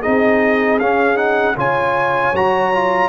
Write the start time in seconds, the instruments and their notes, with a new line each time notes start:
0.00 trombone D#4, horn G#4, trumpet D#5
0.06 tuba C4
0.79 tuba C#4, trombone C#4, trumpet F5
1.16 trombone D#4, trumpet F#5
1.56 tuba C#3, trombone F4, horn C#5, trumpet G#5
2.34 tuba F#3, trombone F#4, trumpet A#5
2.73 trombone F4